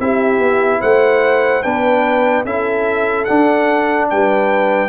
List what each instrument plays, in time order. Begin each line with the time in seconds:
0.00 tuba C4, trombone E4, horn G4, trumpet E5
0.39 tuba B3
0.81 tuba A3, horn C5, trumpet F#5
1.63 tuba B3, trombone D4, horn B4, trumpet G5
2.45 tuba C#4, trombone E4, horn A4, trumpet E5
3.25 trombone D4, tuba D4, trumpet F#5
4.10 tuba G3, horn B4, trumpet G5